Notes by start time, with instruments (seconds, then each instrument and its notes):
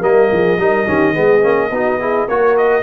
0.00 tuba G3, trombone A#3, horn A#4, trumpet D#5
0.32 tuba F3, horn G#4
0.58 tuba G3, trombone D#4, horn A#4
0.86 tuba D#3, trombone C#4, horn G4
1.13 tuba G#3, trombone B3, horn G#4
1.42 tuba A#3, trombone C#4
1.70 tuba B3, trombone D#4, horn F#4
1.99 trombone E4, horn G#4
2.27 tuba A#3, trombone F#4, horn A#4, trumpet C#5
2.57 trumpet D#5